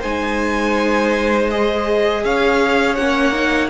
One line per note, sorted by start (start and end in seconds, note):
0.00 2.24 G#3
0.00 1.52 D#4
0.00 2.22 C5
0.00 1.50 G#5
1.50 2.98 G#4
1.50 2.24 D#5
2.24 2.98 C#4
2.24 3.70 C#5
2.24 2.95 F5
2.95 3.70 A#3
2.95 3.32 C#4
2.95 3.69 F#5
3.32 3.69 D#4